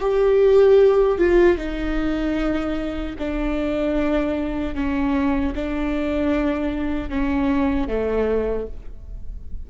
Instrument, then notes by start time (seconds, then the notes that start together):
viola
0.00 G4
1.18 F4
1.57 D#4
3.19 D4
4.74 C#4
5.55 D4
7.09 C#4
7.87 A3